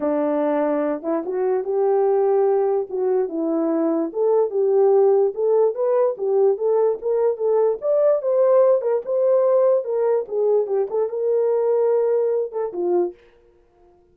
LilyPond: \new Staff \with { instrumentName = "horn" } { \time 4/4 \tempo 4 = 146 d'2~ d'8 e'8 fis'4 | g'2. fis'4 | e'2 a'4 g'4~ | g'4 a'4 b'4 g'4 |
a'4 ais'4 a'4 d''4 | c''4. ais'8 c''2 | ais'4 gis'4 g'8 a'8 ais'4~ | ais'2~ ais'8 a'8 f'4 | }